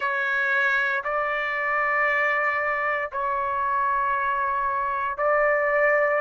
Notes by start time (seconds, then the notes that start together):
0.00 C#5
1.03 D5
3.12 C#5
5.17 D5